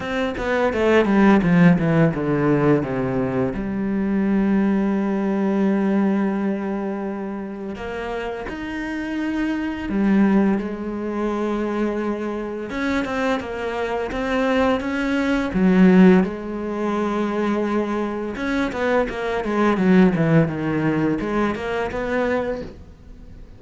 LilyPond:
\new Staff \with { instrumentName = "cello" } { \time 4/4 \tempo 4 = 85 c'8 b8 a8 g8 f8 e8 d4 | c4 g2.~ | g2. ais4 | dis'2 g4 gis4~ |
gis2 cis'8 c'8 ais4 | c'4 cis'4 fis4 gis4~ | gis2 cis'8 b8 ais8 gis8 | fis8 e8 dis4 gis8 ais8 b4 | }